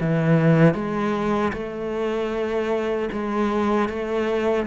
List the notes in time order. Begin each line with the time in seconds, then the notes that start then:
0.00 E3
0.74 G#3
1.53 A3
3.12 G#3
3.89 A3